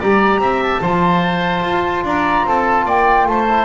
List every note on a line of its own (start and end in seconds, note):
0.00 0.39 G3
0.00 0.84 G4
0.00 0.41 D5
0.00 0.63 A#5
0.39 0.80 C4
0.39 0.82 E5
0.63 2.06 A5
0.82 1.64 F3
0.82 3.49 F4
0.82 2.05 C5
1.64 2.04 F4
2.04 2.45 D4
2.04 2.47 D5
2.04 2.48 A#5
2.46 2.86 C4
2.46 2.86 A4
2.46 2.89 A5
2.86 3.27 A#3
2.86 3.27 D5
2.86 3.28 G5
3.27 3.66 A3
3.27 3.66 C5
3.27 3.66 A5
3.49 3.66 E4